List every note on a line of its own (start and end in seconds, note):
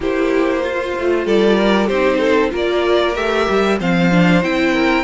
0.00 0.93 A#3
0.00 0.64 E4
0.00 0.62 G4
0.00 1.27 C5
0.62 1.25 F4
0.62 1.91 F4
0.98 1.26 A3
1.25 1.89 G3
1.25 1.55 A4
1.25 1.87 D5
1.55 1.87 A#4
1.87 2.52 C4
1.87 2.50 D#4
1.87 2.18 G4
1.87 2.50 C5
2.18 2.50 A4
2.50 3.15 A#3
2.50 3.13 F4
2.50 3.78 A#4
2.50 3.15 D5
3.15 3.47 A3
3.15 3.78 G4
3.15 3.78 E5
3.49 3.80 G3
3.79 4.42 F3
3.79 4.11 C4
3.79 4.73 C5
3.79 4.43 F5
4.11 4.42 D4
4.42 5.04 C4
4.42 5.04 E4
4.42 5.04 G5
4.73 5.04 A#4